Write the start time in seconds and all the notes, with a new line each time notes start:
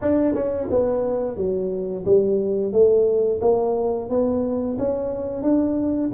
0.01 D4
0.34 C#4
0.70 B3
1.36 F#3
2.05 G3
2.72 A3
3.41 A#3
4.09 B3
4.78 C#4
5.42 D4